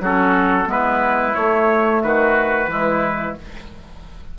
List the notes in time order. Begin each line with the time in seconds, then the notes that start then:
0.00 F#3 C#4 F#4 A4
0.66 G#3 B3 E4 B4
1.35 A3 C#5
2.03 D#3 F#4 B4
2.68 E3 G#3 E4